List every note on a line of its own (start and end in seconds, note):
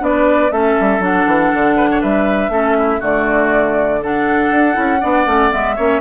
0.00 0.51 B3
0.00 0.50 D4
0.00 0.52 B4
0.00 0.52 D5
0.51 0.76 A3
0.51 1.01 C#4
0.51 1.77 A4
0.51 1.02 E5
0.81 0.99 G3
0.99 1.24 F#3
0.99 2.51 D4
0.99 2.02 F#5
1.27 1.52 E3
1.53 2.03 D3
1.77 1.89 B4
1.91 2.01 C#5
2.01 2.49 G3
2.01 2.51 B4
2.01 3.02 E5
2.49 2.99 A3
2.49 3.00 C#4
2.49 2.77 A4
2.78 3.00 E4
3.00 4.51 D3
3.00 4.00 A3
3.00 4.00 F#4
3.00 4.03 D5
4.03 4.73 D4
4.03 5.01 A4
4.03 5.53 F#5
4.51 4.76 D4
4.73 5.02 C#4
4.73 4.98 E4
5.01 5.26 B3
5.01 5.26 D4
5.01 5.76 D5
5.26 5.51 A3
5.26 5.51 C#4
5.51 5.78 G#3
5.51 5.76 B3
5.51 6.01 E5
5.76 6.01 A#3
5.76 6.01 C#4
5.76 6.01 C#5